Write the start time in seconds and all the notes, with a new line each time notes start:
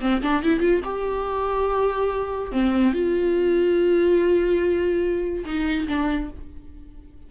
0.00 C4
0.22 D4
0.42 E4
0.59 F4
0.84 G4
2.52 C4
2.93 F4
5.45 D#4
5.88 D4